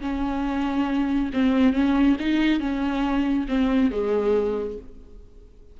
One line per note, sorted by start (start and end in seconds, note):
0.00 1.30 C#4
1.33 1.73 C4
1.73 2.16 C#4
2.19 2.59 D#4
2.59 3.46 C#4
3.48 3.90 C4
3.90 4.77 G#3